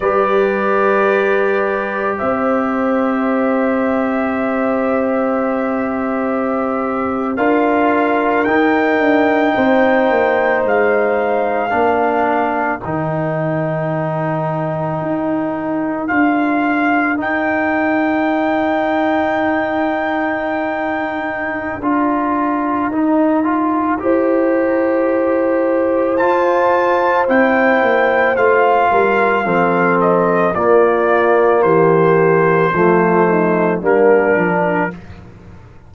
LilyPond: <<
  \new Staff \with { instrumentName = "trumpet" } { \time 4/4 \tempo 4 = 55 d''2 e''2~ | e''2~ e''8. f''4 g''16~ | g''4.~ g''16 f''2 g''16~ | g''2~ g''8. f''4 g''16~ |
g''1 | ais''1 | a''4 g''4 f''4. dis''8 | d''4 c''2 ais'4 | }
  \new Staff \with { instrumentName = "horn" } { \time 4/4 b'2 c''2~ | c''2~ c''8. ais'4~ ais'16~ | ais'8. c''2 ais'4~ ais'16~ | ais'1~ |
ais'1~ | ais'2 c''2~ | c''2~ c''8 ais'8 a'4 | f'4 g'4 f'8 dis'8 d'4 | }
  \new Staff \with { instrumentName = "trombone" } { \time 4/4 g'1~ | g'2~ g'8. f'4 dis'16~ | dis'2~ dis'8. d'4 dis'16~ | dis'2~ dis'8. f'4 dis'16~ |
dis'1 | f'4 dis'8 f'8 g'2 | f'4 e'4 f'4 c'4 | ais2 a4 ais8 d'8 | }
  \new Staff \with { instrumentName = "tuba" } { \time 4/4 g2 c'2~ | c'2~ c'8. d'4 dis'16~ | dis'16 d'8 c'8 ais8 gis4 ais4 dis16~ | dis4.~ dis16 dis'4 d'4 dis'16~ |
dis'1 | d'4 dis'4 e'2 | f'4 c'8 ais8 a8 g8 f4 | ais4 e4 f4 g8 f8 | }
>>